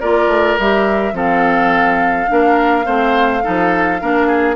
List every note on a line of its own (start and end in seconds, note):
0.00 0.27 A#3
0.00 0.59 F4
0.00 1.14 A#4
0.00 0.58 D5
0.27 0.56 A3
0.59 1.13 G3
0.59 1.13 G4
0.59 1.16 E5
1.13 2.27 F3
1.13 2.28 C4
1.13 2.30 A4
1.13 4.56 F5
2.28 2.86 A#3
2.28 2.85 D4
2.28 2.86 A#4
2.85 3.43 A3
2.85 3.42 C4
2.85 3.43 C5
3.43 4.02 F3
3.43 4.00 D#4
3.43 4.01 A4
4.01 4.56 A#3
4.01 4.56 D4
4.01 4.27 A#4
4.27 4.55 G#4